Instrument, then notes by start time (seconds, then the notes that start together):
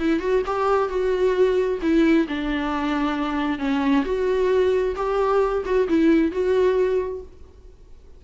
viola
0.00 E4
0.20 F#4
0.46 G4
0.89 F#4
1.82 E4
2.28 D4
3.59 C#4
4.05 F#4
4.96 G4
5.65 F#4
5.89 E4
6.32 F#4